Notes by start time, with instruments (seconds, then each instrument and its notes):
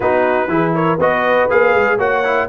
0.00 tuba B3, trombone D#4, horn F#4, trumpet B4
0.48 tuba E3, trombone E4, horn G#4
0.74 horn A#4, trumpet C#5
0.98 tuba B3, trombone F#4, horn B4, trumpet D#5
1.49 tuba A#3, trombone G#4, trumpet F5
1.74 tuba G#3
1.97 tuba A#3, trombone F#4, horn C#5, trumpet F#5
2.23 trombone E4